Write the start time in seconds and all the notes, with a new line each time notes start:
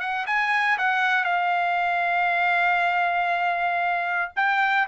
0.00 F#5
0.26 G#5
0.78 F#5
1.24 F5
4.36 G5